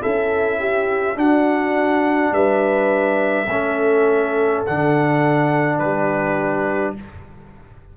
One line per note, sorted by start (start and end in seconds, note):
0.00 1.16 C#4
0.00 1.15 E4
0.00 0.59 A4
0.00 1.18 E5
0.59 1.17 G4
1.15 3.46 D4
1.15 2.31 D4
1.15 2.34 F#4
1.15 2.33 F#5
2.31 3.47 G3
2.31 3.48 B4
2.31 4.64 E5
3.47 4.62 A3
3.47 4.65 C#4
3.47 5.79 A4
4.66 5.80 D3
4.66 6.96 D4
4.66 5.79 F#5
5.79 6.95 G3
5.79 6.94 G4
5.79 6.94 B4